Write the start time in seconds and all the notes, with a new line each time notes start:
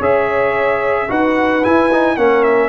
0.00 C#4 G#4 C#5 E5
1.08 D#4 F#4 B4 F#5
1.63 E4 G#5
1.92 D#4
2.17 A#3 C#4 A#4 F#5
2.43 E5